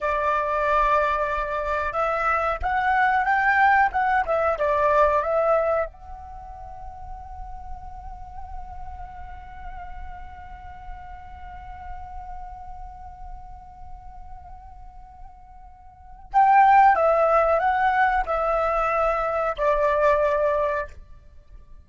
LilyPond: \new Staff \with { instrumentName = "flute" } { \time 4/4 \tempo 4 = 92 d''2. e''4 | fis''4 g''4 fis''8 e''8 d''4 | e''4 fis''2.~ | fis''1~ |
fis''1~ | fis''1~ | fis''4 g''4 e''4 fis''4 | e''2 d''2 | }